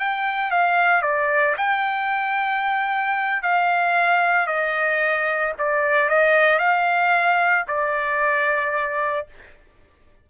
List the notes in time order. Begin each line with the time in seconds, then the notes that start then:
0.00 G5
0.51 F5
1.03 D5
1.58 G5
3.43 F5
4.47 D#5
5.59 D5
6.10 D#5
6.59 F5
7.68 D5